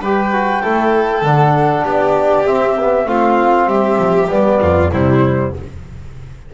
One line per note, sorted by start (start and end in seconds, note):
0.00 0.61 G3
0.00 0.33 G4
0.00 0.62 B4
0.00 1.25 G5
0.33 0.63 F#4
0.62 1.22 A3
0.62 1.24 E4
0.62 1.85 A4
1.22 1.84 D3
1.22 2.47 D4
1.22 1.86 F#5
1.85 2.47 B3
1.85 3.07 G4
1.85 2.47 D5
2.47 2.77 C4
2.47 3.06 C4
2.47 3.08 E5
2.79 3.06 B3
3.06 3.67 A3
3.06 4.28 C4
3.06 3.69 F4
3.06 3.70 F5
3.67 3.97 G3
3.67 4.61 G4
3.67 4.31 E5
3.99 4.29 F3
4.29 4.61 G3
4.29 4.91 B3
4.29 4.92 D5
4.61 4.92 F2
4.61 4.92 F4
4.92 5.54 C3
4.92 5.54 G3
4.92 5.53 E4
4.92 5.55 C5